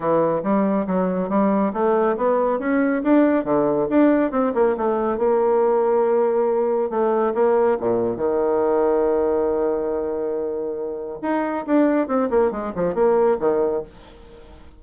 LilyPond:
\new Staff \with { instrumentName = "bassoon" } { \time 4/4 \tempo 4 = 139 e4 g4 fis4 g4 | a4 b4 cis'4 d'4 | d4 d'4 c'8 ais8 a4 | ais1 |
a4 ais4 ais,4 dis4~ | dis1~ | dis2 dis'4 d'4 | c'8 ais8 gis8 f8 ais4 dis4 | }